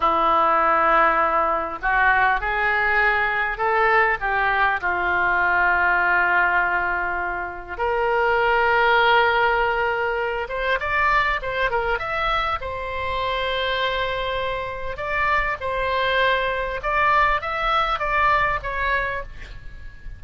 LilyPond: \new Staff \with { instrumentName = "oboe" } { \time 4/4 \tempo 4 = 100 e'2. fis'4 | gis'2 a'4 g'4 | f'1~ | f'4 ais'2.~ |
ais'4. c''8 d''4 c''8 ais'8 | e''4 c''2.~ | c''4 d''4 c''2 | d''4 e''4 d''4 cis''4 | }